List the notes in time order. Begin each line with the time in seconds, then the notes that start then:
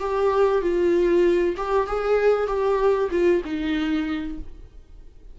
0.00 G4
0.62 F4
1.57 G4
1.87 G#4
2.47 G4
3.11 F4
3.45 D#4